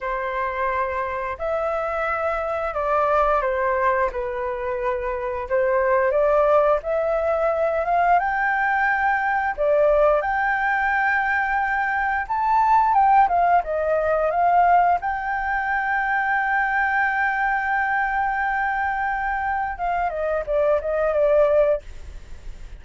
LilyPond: \new Staff \with { instrumentName = "flute" } { \time 4/4 \tempo 4 = 88 c''2 e''2 | d''4 c''4 b'2 | c''4 d''4 e''4. f''8 | g''2 d''4 g''4~ |
g''2 a''4 g''8 f''8 | dis''4 f''4 g''2~ | g''1~ | g''4 f''8 dis''8 d''8 dis''8 d''4 | }